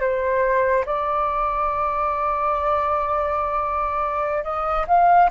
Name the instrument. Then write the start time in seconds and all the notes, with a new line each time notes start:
flute
0.00 C5
0.86 D5
4.44 D#5
4.87 F5